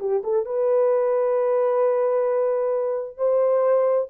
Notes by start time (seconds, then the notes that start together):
0.00 G4
0.24 A4
0.46 B4
3.17 C5